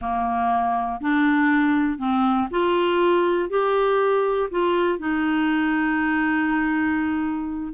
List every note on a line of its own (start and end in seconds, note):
0.01 1.00 A#3
1.00 1.98 D4
1.98 2.48 C4
2.50 3.49 F4
3.49 4.49 G4
4.50 4.98 F4
4.98 7.73 D#4